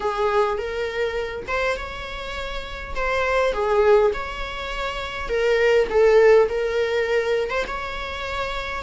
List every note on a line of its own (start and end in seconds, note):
0.00 0.57 G#4
0.57 1.46 A#4
1.47 1.76 C5
1.76 2.94 C#5
2.95 3.52 C5
3.52 4.11 G#4
4.13 5.28 C#5
5.28 5.87 A#4
5.89 6.48 A4
6.49 7.50 A#4
7.50 7.64 C5
7.67 8.83 C#5